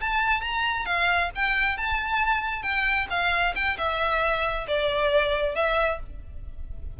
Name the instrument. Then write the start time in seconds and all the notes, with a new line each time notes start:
violin
0.00 A5
0.41 A#5
0.85 F5
1.35 G5
1.77 A5
2.62 G5
3.09 F5
3.55 G5
3.77 E5
4.67 D5
5.55 E5